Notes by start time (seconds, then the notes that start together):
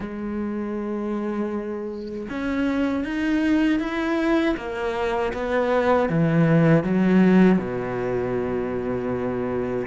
0.00 G#3
2.29 C#4
3.04 D#4
3.79 E4
4.56 A#3
5.33 B3
6.09 E3
6.83 F#3
7.58 B2